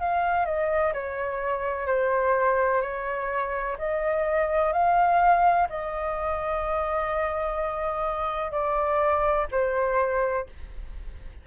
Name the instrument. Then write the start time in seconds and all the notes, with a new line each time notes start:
flute
0.00 F5
0.45 D#5
0.93 C#5
1.87 C5
2.81 C#5
3.78 D#5
4.73 F5
5.69 D#5
8.52 D5
9.52 C5